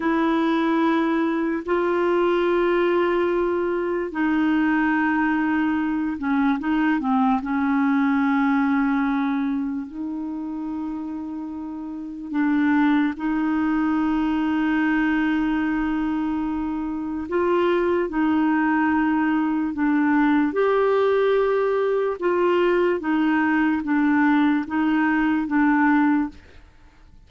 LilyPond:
\new Staff \with { instrumentName = "clarinet" } { \time 4/4 \tempo 4 = 73 e'2 f'2~ | f'4 dis'2~ dis'8 cis'8 | dis'8 c'8 cis'2. | dis'2. d'4 |
dis'1~ | dis'4 f'4 dis'2 | d'4 g'2 f'4 | dis'4 d'4 dis'4 d'4 | }